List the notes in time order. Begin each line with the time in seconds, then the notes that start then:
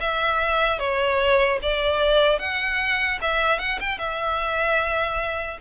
0.00 E5
0.79 C#5
1.62 D5
2.39 F#5
3.21 E5
3.59 F#5
3.80 G5
3.98 E5